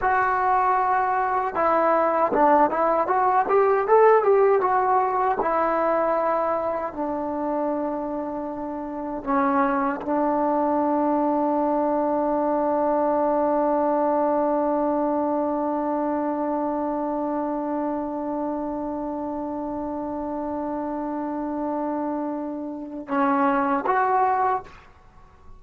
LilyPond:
\new Staff \with { instrumentName = "trombone" } { \time 4/4 \tempo 4 = 78 fis'2 e'4 d'8 e'8 | fis'8 g'8 a'8 g'8 fis'4 e'4~ | e'4 d'2. | cis'4 d'2.~ |
d'1~ | d'1~ | d'1~ | d'2 cis'4 fis'4 | }